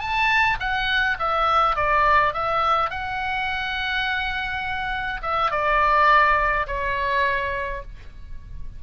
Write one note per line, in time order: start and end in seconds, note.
0.00 0.58 A5
0.60 1.17 F#5
1.19 1.76 E5
1.76 2.34 D5
2.34 2.91 E5
2.91 5.21 F#5
5.22 5.51 E5
5.51 6.67 D5
6.67 7.83 C#5